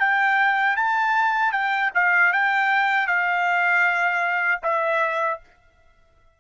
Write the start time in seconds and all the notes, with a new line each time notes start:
0.00 G5
0.77 A5
1.53 G5
1.95 F5
2.33 G5
3.08 F5
4.63 E5